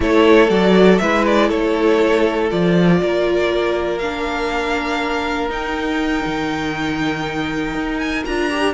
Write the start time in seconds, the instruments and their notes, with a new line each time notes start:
0.00 cello A3, viola E4, violin A4 C#5
0.49 cello F#3, viola F#4, violin D5
0.98 cello G#3, viola E4, violin B4 E5
1.26 violin D5
1.48 cello A3, violin A4 C#5
2.50 cello F3, viola F4, violin D5
3.01 cello A#3, violin A#4
3.98 viola D4, violin F5
5.49 viola D#4, cello D#4, violin G5
6.25 cello D#3
7.74 cello D#4
7.98 violin G#5
8.25 cello D4, viola F4, violin A#5
8.50 viola G4